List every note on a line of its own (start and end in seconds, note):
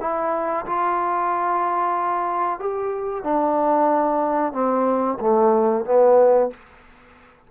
0.00 0.65 E4
0.66 2.59 F4
2.59 3.24 G4
3.24 4.53 D4
4.53 5.18 C4
5.20 5.85 A3
5.85 6.50 B3